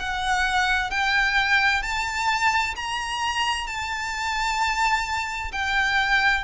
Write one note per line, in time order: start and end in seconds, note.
0.00 0.91 F#5
0.91 1.83 G5
1.83 2.75 A5
2.76 3.68 A#5
3.68 5.52 A5
5.52 6.44 G5